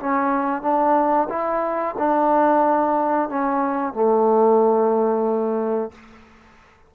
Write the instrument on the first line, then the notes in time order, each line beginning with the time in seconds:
trombone
0.00 C#4
0.63 D4
1.30 E4
1.99 D4
3.30 C#4
3.94 A3